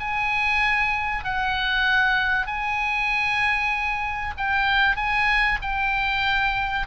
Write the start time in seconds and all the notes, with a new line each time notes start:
0.00 G#5
1.24 F#5
2.47 G#5
4.38 G5
4.96 G#5
5.62 G5